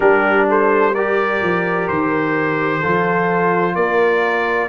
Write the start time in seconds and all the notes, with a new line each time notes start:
0.00 G3 D4 G4 A#4
0.48 A4 C5
0.94 G4 A#4 D5
1.42 F3
1.88 D#3 C5
2.79 F3 F4 A4
3.75 A#3 A#4 D5